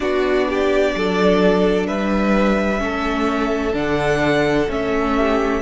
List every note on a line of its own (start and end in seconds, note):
0.00 0.95 B3
0.00 2.78 D4
0.00 0.47 F#4
0.00 1.86 D5
0.48 0.95 G4
0.95 1.88 F#3
0.95 1.86 A4
1.86 2.81 G3
1.86 2.80 B4
1.86 3.74 E5
2.78 3.74 A3
2.78 3.71 C#4
2.84 5.16 A4
3.73 4.67 D3
3.73 4.66 D4
3.73 4.71 F#5
4.67 5.60 A3
4.67 5.61 C#4
4.67 5.61 E5
5.16 5.61 G4